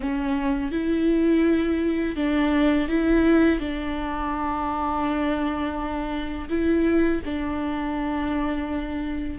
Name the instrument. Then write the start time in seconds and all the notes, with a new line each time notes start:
viola
0.00 C#4
0.71 E4
2.16 D4
2.88 E4
3.59 D4
6.49 E4
7.25 D4